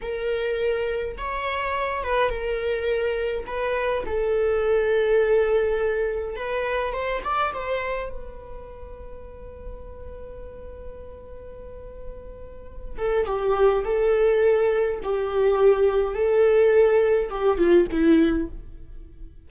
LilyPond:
\new Staff \with { instrumentName = "viola" } { \time 4/4 \tempo 4 = 104 ais'2 cis''4. b'8 | ais'2 b'4 a'4~ | a'2. b'4 | c''8 d''8 c''4 b'2~ |
b'1~ | b'2~ b'8 a'8 g'4 | a'2 g'2 | a'2 g'8 f'8 e'4 | }